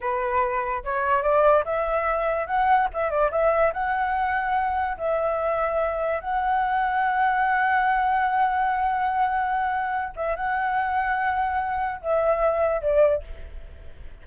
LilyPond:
\new Staff \with { instrumentName = "flute" } { \time 4/4 \tempo 4 = 145 b'2 cis''4 d''4 | e''2 fis''4 e''8 d''8 | e''4 fis''2. | e''2. fis''4~ |
fis''1~ | fis''1~ | fis''8 e''8 fis''2.~ | fis''4 e''2 d''4 | }